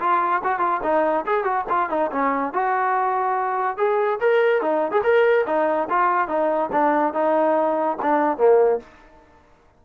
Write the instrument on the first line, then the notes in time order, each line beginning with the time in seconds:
trombone
0.00 F4
0.44 F#4
0.59 F4
0.83 D#4
1.26 G#4
1.44 F#4
1.69 F4
1.90 D#4
2.12 C#4
2.53 F#4
3.77 G#4
4.20 A#4
4.62 D#4
4.91 G#4
5.03 A#4
5.46 D#4
5.90 F4
6.28 D#4
6.72 D4
7.14 D#4
8.02 D4
8.38 A#3